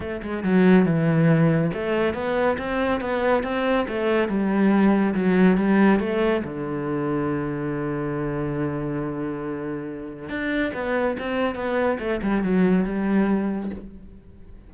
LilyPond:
\new Staff \with { instrumentName = "cello" } { \time 4/4 \tempo 4 = 140 a8 gis8 fis4 e2 | a4 b4 c'4 b4 | c'4 a4 g2 | fis4 g4 a4 d4~ |
d1~ | d1 | d'4 b4 c'4 b4 | a8 g8 fis4 g2 | }